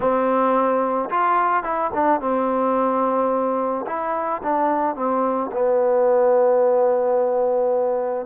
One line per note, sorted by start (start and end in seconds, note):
0.00 1.09 C4
1.10 1.63 F4
1.63 1.91 E4
1.94 2.20 D4
2.20 3.85 C4
3.86 4.41 E4
4.42 4.95 D4
4.95 5.50 C4
5.52 8.26 B3